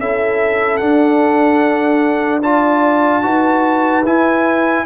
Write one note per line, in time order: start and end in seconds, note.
0.00 0.81 C#4
0.00 0.80 E4
0.00 2.42 A4
0.00 0.77 E5
0.77 2.42 D4
0.77 3.24 D4
0.77 2.39 F#5
2.42 3.22 F4
2.42 3.23 D5
2.42 4.05 A5
3.22 4.05 D#4
3.22 4.03 F#4
3.22 4.85 B4
4.05 4.85 E4
4.05 4.85 G#5